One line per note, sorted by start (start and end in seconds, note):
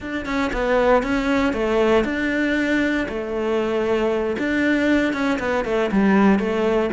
0.00 0.25 D4
0.25 0.51 C#4
0.53 1.03 B3
1.03 1.53 C#4
1.53 2.04 A3
2.04 3.07 D4
3.08 4.36 A3
4.38 5.13 D4
5.13 5.38 C#4
5.39 5.64 B3
5.64 5.90 A3
5.91 6.39 G3
6.39 6.90 A3